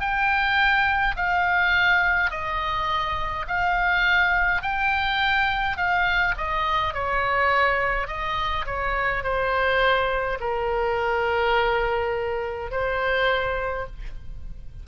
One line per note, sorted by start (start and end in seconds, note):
0.00 1.15 G5
1.16 2.30 F5
2.30 3.46 D#5
3.47 4.63 F5
4.63 5.77 G5
5.77 6.35 F5
6.37 6.93 D#5
6.93 8.08 C#5
8.08 8.65 D#5
8.66 9.23 C#5
9.23 10.38 C5
10.40 12.71 A#4
12.71 13.86 C5